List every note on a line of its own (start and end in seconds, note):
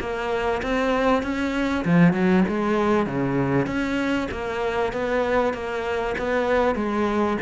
0.00 0.62 A#3
0.62 1.23 C4
1.23 1.84 C#4
1.85 2.13 F3
2.13 2.44 F#3
2.49 3.06 G#3
3.06 3.67 C#3
3.67 4.28 C#4
4.31 4.93 A#3
4.93 5.54 B3
5.54 6.15 A#3
6.18 6.75 B3
6.75 7.37 G#3